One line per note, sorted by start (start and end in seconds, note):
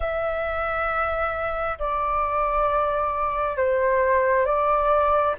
0.00 1.78 E5
1.78 3.57 D5
3.57 4.45 C5
4.45 5.35 D5